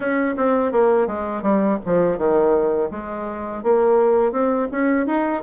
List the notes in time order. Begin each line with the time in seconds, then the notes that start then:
0.00 C#4
0.36 C4
0.72 A#3
1.07 G#3
1.42 G3
1.85 F3
2.18 D#3
2.90 G#3
3.63 A#3
4.32 C4
4.71 C#4
5.06 D#4